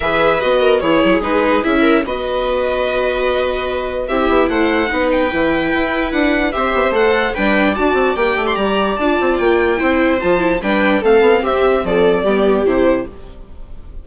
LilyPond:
<<
  \new Staff \with { instrumentName = "violin" } { \time 4/4 \tempo 4 = 147 e''4 dis''4 cis''4 b'4 | e''4 dis''2.~ | dis''2 e''4 fis''4~ | fis''8 g''2~ g''8 fis''4 |
e''4 fis''4 g''4 a''4 | g''8. c'''16 ais''4 a''4 g''4~ | g''4 a''4 g''4 f''4 | e''4 d''2 c''4 | }
  \new Staff \with { instrumentName = "viola" } { \time 4/4 b'4. ais'8 gis'2~ | gis'8 ais'8 b'2.~ | b'2 g'4 c''4 | b'1 |
c''2 b'4 d''4~ | d''1 | c''2 b'4 a'4 | g'4 a'4 g'2 | }
  \new Staff \with { instrumentName = "viola" } { \time 4/4 gis'4 fis'4 e'4 dis'4 | e'4 fis'2.~ | fis'2 e'2 | dis'4 e'2. |
g'4 a'4 d'4 fis'4 | g'2 f'2 | e'4 f'8 e'8 d'4 c'4~ | c'2 b4 e'4 | }
  \new Staff \with { instrumentName = "bassoon" } { \time 4/4 e4 b4 e8 fis8 gis4 | cis'4 b2.~ | b2 c'8 b8 a4 | b4 e4 e'4 d'4 |
c'8 b16 c'16 a4 g4 d'8 c'8 | ais8 a8 g4 d'8 c'8 ais4 | c'4 f4 g4 a8 b8 | c'4 f4 g4 c4 | }
>>